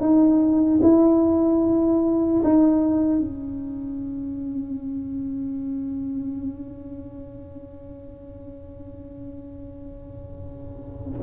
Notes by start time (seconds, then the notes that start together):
0.00 D#4
0.82 E4
2.43 D#4
3.19 C#4